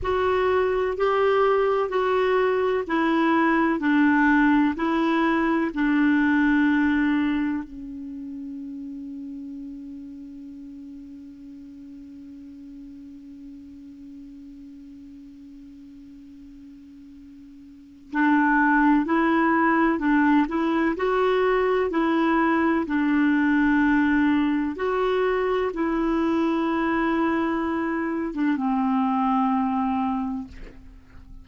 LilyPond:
\new Staff \with { instrumentName = "clarinet" } { \time 4/4 \tempo 4 = 63 fis'4 g'4 fis'4 e'4 | d'4 e'4 d'2 | cis'1~ | cis'1~ |
cis'2. d'4 | e'4 d'8 e'8 fis'4 e'4 | d'2 fis'4 e'4~ | e'4.~ e'16 d'16 c'2 | }